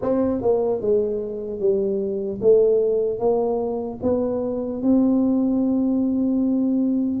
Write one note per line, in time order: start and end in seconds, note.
0.01 0.41 C4
0.41 0.81 A#3
0.81 1.59 G#3
1.59 2.39 G3
2.41 3.19 A3
3.19 3.99 A#3
4.02 4.82 B3
4.82 7.20 C4